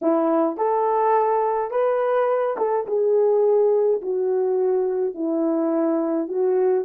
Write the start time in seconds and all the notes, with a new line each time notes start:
0.01 E4
0.57 A4
1.70 B4
2.57 A4
2.86 G#4
4.01 F#4
5.14 E4
6.28 F#4